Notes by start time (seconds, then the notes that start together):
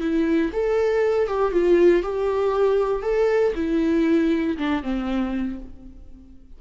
0.00 E4
0.52 A4
1.27 G4
1.52 F4
2.02 G4
3.02 A4
3.55 E4
4.57 D4
4.83 C4